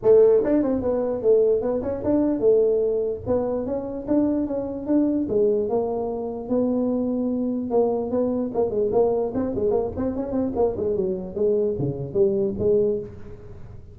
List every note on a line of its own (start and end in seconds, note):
0.02 0.43 A3
0.43 0.62 D4
0.62 0.81 C4
0.81 1.21 B3
1.21 1.61 A3
1.61 1.82 B3
1.82 2.02 C#4
2.04 2.39 D4
2.39 3.20 A3
3.26 3.66 B3
3.66 4.06 C#4
4.07 4.46 D4
4.46 4.86 C#4
4.86 5.26 D4
5.28 5.69 G#3
5.69 6.48 A#3
6.48 7.70 B3
7.70 8.10 A#3
8.10 8.51 B3
8.54 8.70 A#3
8.70 8.90 G#3
8.92 9.32 A#3
9.34 9.54 C4
9.55 9.71 G#3
9.71 9.91 A#3
9.96 10.16 C4
10.16 10.31 C#4
10.31 10.51 C4
10.55 10.75 A#3
10.76 10.96 G#3
10.96 11.35 F#3
11.35 11.75 G#3
11.78 12.13 C#3
12.13 12.54 G3
12.58 12.99 G#3